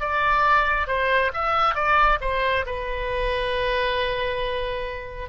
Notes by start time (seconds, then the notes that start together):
0.00 D5
0.87 C5
1.34 E5
1.74 D5
2.21 C5
2.66 B4